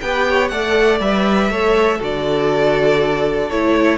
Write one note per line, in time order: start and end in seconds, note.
0.00 0.50 B3
0.00 0.51 G4
0.00 0.28 B4
0.00 0.48 G5
0.28 0.51 C#5
0.48 1.00 A3
0.48 1.01 A4
0.48 1.51 D5
0.48 0.98 F#5
1.00 1.49 G3
1.00 1.51 B4
1.00 2.01 E5
1.49 1.99 A3
1.49 1.99 A4
1.49 1.98 C#5
1.98 3.50 D3
1.98 3.49 F#4
1.98 3.98 A4
1.98 3.49 D5
3.49 3.98 A3
3.49 3.98 E4
3.49 3.98 C#5